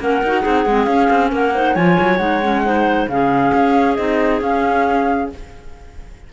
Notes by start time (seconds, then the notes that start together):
0.00 A#3 C#4 A#4 F#5
0.23 D#4 F#4
0.41 C4 D#4 G#4
0.66 G#3 C4
0.85 C#4 F5
1.11 C4
1.31 A#3 A#4 F#5
1.55 D#4 C5
1.74 F3 F4 C#5 G#5
2.00 F#3
2.17 G#3 D#4 F#5
2.43 C#4
2.65 D#4 C5
3.08 C#3 C#4 G#4 F5
3.55 C#4
3.96 C4 D#4 D#5
4.41 C#4 F5